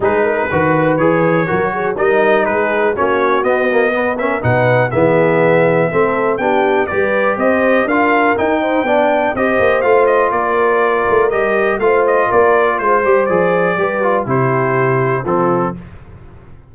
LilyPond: <<
  \new Staff \with { instrumentName = "trumpet" } { \time 4/4 \tempo 4 = 122 b'2 cis''2 | dis''4 b'4 cis''4 dis''4~ | dis''8 e''8 fis''4 e''2~ | e''4 g''4 d''4 dis''4 |
f''4 g''2 dis''4 | f''8 dis''8 d''2 dis''4 | f''8 dis''8 d''4 c''4 d''4~ | d''4 c''2 a'4 | }
  \new Staff \with { instrumentName = "horn" } { \time 4/4 gis'8 ais'8 b'2 ais'8 gis'8 | ais'4 gis'4 fis'2 | b'8 ais'8 b'4 gis'2 | a'4 g'4 b'4 c''4 |
ais'4. c''8 d''4 c''4~ | c''4 ais'2. | c''4 ais'4 c''2 | b'4 g'2 f'4 | }
  \new Staff \with { instrumentName = "trombone" } { \time 4/4 dis'4 fis'4 gis'4 fis'4 | dis'2 cis'4 b8 ais8 | b8 cis'8 dis'4 b2 | c'4 d'4 g'2 |
f'4 dis'4 d'4 g'4 | f'2. g'4 | f'2~ f'8 g'8 gis'4 | g'8 f'8 e'2 c'4 | }
  \new Staff \with { instrumentName = "tuba" } { \time 4/4 gis4 dis4 e4 fis4 | g4 gis4 ais4 b4~ | b4 b,4 e2 | a4 b4 g4 c'4 |
d'4 dis'4 b4 c'8 ais8 | a4 ais4. a8 g4 | a4 ais4 gis8 g8 f4 | g4 c2 f4 | }
>>